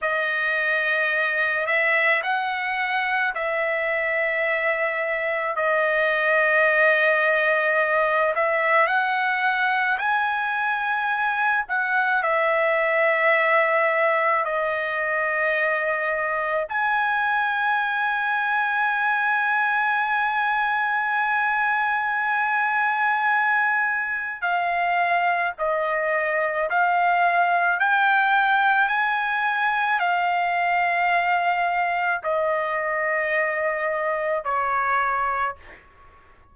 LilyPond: \new Staff \with { instrumentName = "trumpet" } { \time 4/4 \tempo 4 = 54 dis''4. e''8 fis''4 e''4~ | e''4 dis''2~ dis''8 e''8 | fis''4 gis''4. fis''8 e''4~ | e''4 dis''2 gis''4~ |
gis''1~ | gis''2 f''4 dis''4 | f''4 g''4 gis''4 f''4~ | f''4 dis''2 cis''4 | }